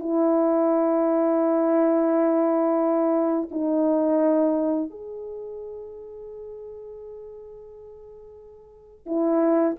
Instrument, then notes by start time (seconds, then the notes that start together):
horn
0.00 E4
3.51 D#4
4.90 G#4
9.06 E4